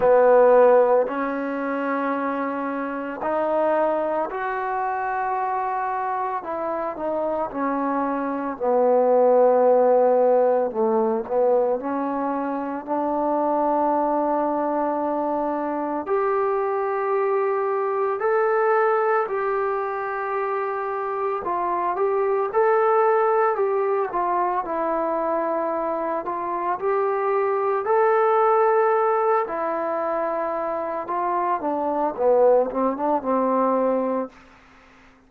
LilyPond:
\new Staff \with { instrumentName = "trombone" } { \time 4/4 \tempo 4 = 56 b4 cis'2 dis'4 | fis'2 e'8 dis'8 cis'4 | b2 a8 b8 cis'4 | d'2. g'4~ |
g'4 a'4 g'2 | f'8 g'8 a'4 g'8 f'8 e'4~ | e'8 f'8 g'4 a'4. e'8~ | e'4 f'8 d'8 b8 c'16 d'16 c'4 | }